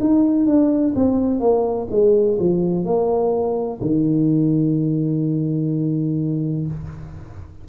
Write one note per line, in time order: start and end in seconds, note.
0.00 0.46 D#4
0.46 0.94 D4
0.95 1.40 C4
1.40 1.88 A#3
1.90 2.38 G#3
2.39 2.85 F3
2.85 3.81 A#3
3.81 6.67 D#3